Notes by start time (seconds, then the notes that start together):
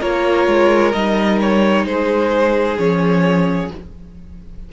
0.00 A#3 F4 A#4 C#5
0.47 G#3
0.92 G3 D#4 D#5
1.41 C#5
1.85 G#3 G#4 C5
2.77 F3 C#4 C#5